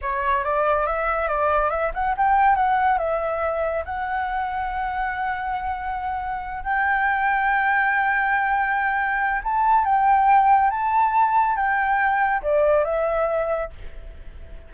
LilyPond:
\new Staff \with { instrumentName = "flute" } { \time 4/4 \tempo 4 = 140 cis''4 d''4 e''4 d''4 | e''8 fis''8 g''4 fis''4 e''4~ | e''4 fis''2.~ | fis''2.~ fis''8 g''8~ |
g''1~ | g''2 a''4 g''4~ | g''4 a''2 g''4~ | g''4 d''4 e''2 | }